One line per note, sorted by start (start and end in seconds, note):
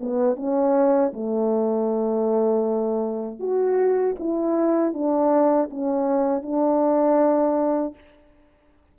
0.00 0.36 B3
0.36 1.12 C#4
1.13 3.39 A3
3.39 4.15 F#4
4.19 4.93 E4
4.93 5.69 D4
5.70 6.42 C#4
6.42 7.94 D4